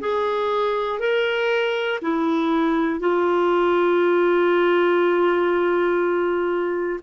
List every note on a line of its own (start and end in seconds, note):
0.00 1.00 G#4
1.00 2.00 A#4
2.02 3.00 E4
3.00 7.00 F4